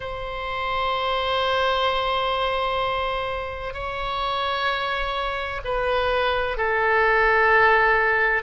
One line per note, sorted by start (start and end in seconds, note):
0.00 3.73 C5
3.73 5.60 C#5
5.64 6.57 B4
6.57 8.42 A4